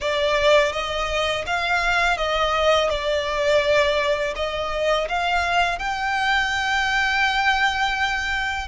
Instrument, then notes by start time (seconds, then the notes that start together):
violin
0.00 D5
0.72 D#5
1.46 F5
2.17 D#5
2.89 D5
4.35 D#5
5.08 F5
5.78 G5